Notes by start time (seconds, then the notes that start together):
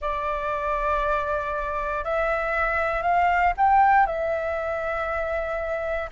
0.01 D5
2.04 E5
3.02 F5
3.57 G5
4.06 E5